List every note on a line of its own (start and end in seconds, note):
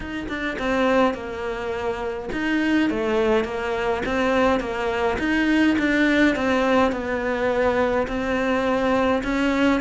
0.00 0.27 D#4
0.28 0.57 D4
0.58 1.14 C4
1.14 2.29 A#3
2.32 2.90 D#4
2.90 3.44 A3
3.44 4.02 A#3
4.05 4.59 C4
4.59 5.17 A#3
5.18 5.76 D#4
5.78 6.35 D4
6.35 6.92 C4
6.92 8.07 B3
8.07 9.23 C4
9.23 9.80 C#4